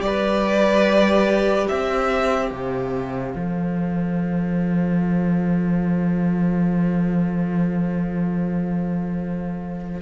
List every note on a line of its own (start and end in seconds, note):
0.00 1.67 G3
0.00 3.34 G4
0.00 1.67 D5
0.06 1.69 B4
1.68 2.51 C4
1.68 10.01 C5
1.68 2.50 E5
2.50 3.34 C3
2.50 10.00 F5
3.34 10.01 F3
3.34 10.01 A4